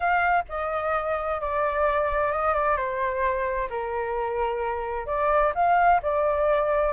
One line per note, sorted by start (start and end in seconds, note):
0.00 0.43 F5
0.48 1.41 D#5
1.41 2.31 D5
2.31 2.53 D#5
2.53 2.76 D5
2.76 3.69 C5
3.69 5.06 A#4
5.06 5.52 D5
5.54 6.01 F5
6.02 6.93 D5